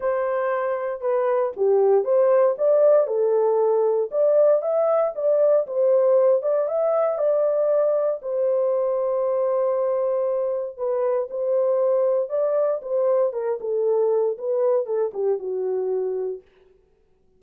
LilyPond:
\new Staff \with { instrumentName = "horn" } { \time 4/4 \tempo 4 = 117 c''2 b'4 g'4 | c''4 d''4 a'2 | d''4 e''4 d''4 c''4~ | c''8 d''8 e''4 d''2 |
c''1~ | c''4 b'4 c''2 | d''4 c''4 ais'8 a'4. | b'4 a'8 g'8 fis'2 | }